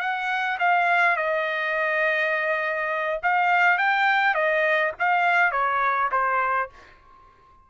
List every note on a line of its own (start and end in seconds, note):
0.00 0.58 F#5
0.60 1.17 F5
1.17 3.21 D#5
3.23 3.78 F5
3.78 4.35 G5
4.35 4.93 D#5
5.00 5.52 F5
5.52 6.11 C#5
6.12 6.70 C5